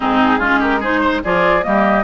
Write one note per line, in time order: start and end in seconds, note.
0.00 0.40 G#2
0.00 0.41 C4
0.00 0.38 D#4
0.00 0.62 G#4
0.38 1.22 G#3
0.38 0.81 C#4
0.38 0.59 F4
0.59 0.79 G4
0.59 0.82 A#4
0.80 1.23 D#4
0.80 1.00 G#4
0.80 1.23 C5
1.01 1.21 C5
1.23 1.65 F3
1.23 1.62 F4
1.23 1.64 G#4
1.23 1.63 D5
1.62 2.03 G3
1.62 2.03 A#3
1.62 2.03 G4
1.62 2.03 D#5